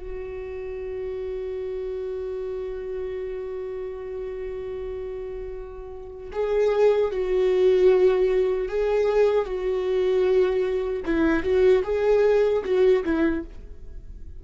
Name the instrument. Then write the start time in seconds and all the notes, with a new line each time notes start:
viola
0.00 F#4
6.33 G#4
7.12 F#4
8.69 G#4
9.46 F#4
11.06 E4
11.44 F#4
11.84 G#4
12.65 F#4
13.05 E4